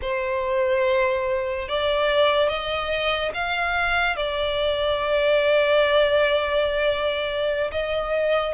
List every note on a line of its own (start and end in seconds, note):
0.01 1.68 C5
1.68 2.48 D5
2.48 3.31 D#5
3.33 4.16 F5
4.16 7.70 D5
7.71 8.54 D#5